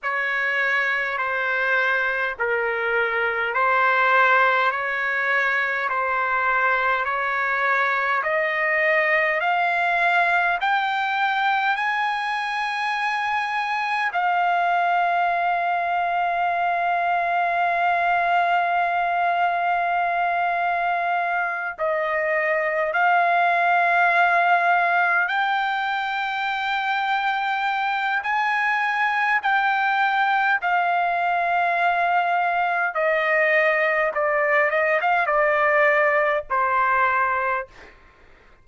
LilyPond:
\new Staff \with { instrumentName = "trumpet" } { \time 4/4 \tempo 4 = 51 cis''4 c''4 ais'4 c''4 | cis''4 c''4 cis''4 dis''4 | f''4 g''4 gis''2 | f''1~ |
f''2~ f''8 dis''4 f''8~ | f''4. g''2~ g''8 | gis''4 g''4 f''2 | dis''4 d''8 dis''16 f''16 d''4 c''4 | }